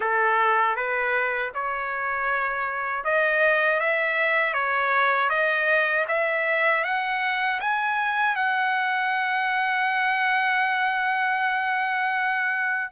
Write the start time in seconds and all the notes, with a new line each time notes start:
0.00 A4
0.76 B4
1.54 C#5
3.04 D#5
3.80 E5
4.53 C#5
5.29 D#5
6.08 E5
6.84 F#5
7.60 G#5
8.35 F#5